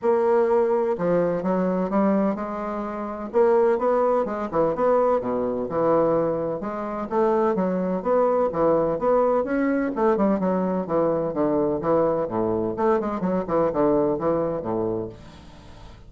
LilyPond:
\new Staff \with { instrumentName = "bassoon" } { \time 4/4 \tempo 4 = 127 ais2 f4 fis4 | g4 gis2 ais4 | b4 gis8 e8 b4 b,4 | e2 gis4 a4 |
fis4 b4 e4 b4 | cis'4 a8 g8 fis4 e4 | d4 e4 a,4 a8 gis8 | fis8 e8 d4 e4 a,4 | }